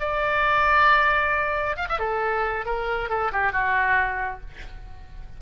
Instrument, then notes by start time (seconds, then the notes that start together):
oboe
0.00 D5
1.77 F5
1.89 E5
1.99 A4
2.66 A#4
3.09 A4
3.32 G4
3.52 F#4